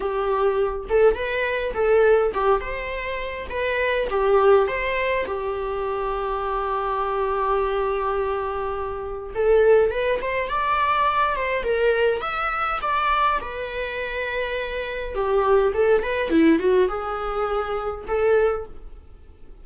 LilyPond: \new Staff \with { instrumentName = "viola" } { \time 4/4 \tempo 4 = 103 g'4. a'8 b'4 a'4 | g'8 c''4. b'4 g'4 | c''4 g'2.~ | g'1 |
a'4 b'8 c''8 d''4. c''8 | ais'4 e''4 d''4 b'4~ | b'2 g'4 a'8 b'8 | e'8 fis'8 gis'2 a'4 | }